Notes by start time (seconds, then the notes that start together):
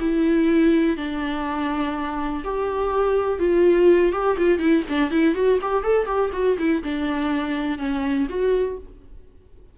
0.00 E4
0.97 D4
2.44 G4
3.40 F4
4.13 G4
4.38 F4
4.59 E4
4.89 D4
5.11 E4
5.35 F#4
5.62 G4
5.84 A4
6.06 G4
6.33 F#4
6.59 E4
6.84 D4
7.79 C#4
8.29 F#4